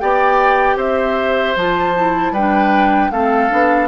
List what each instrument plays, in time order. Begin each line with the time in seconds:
0.00 bassoon B3, clarinet G4, oboe D5, flute G5
0.76 bassoon C4, oboe C5, flute E5
1.56 bassoon F3, clarinet F4, flute A5
1.97 clarinet E4
2.32 bassoon G3, clarinet D4, oboe B4, flute G5
3.11 bassoon A3, clarinet C4, oboe A4, flute F5
3.50 bassoon B3, clarinet D4